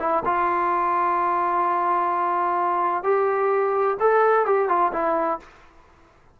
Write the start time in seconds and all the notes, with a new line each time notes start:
0.00 E4
0.25 F4
3.04 G4
4.00 A4
4.46 G4
4.69 F4
4.93 E4